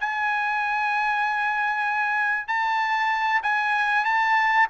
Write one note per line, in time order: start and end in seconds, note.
0.00 2.48 G#5
2.48 3.41 A5
3.43 4.05 G#5
4.05 4.67 A5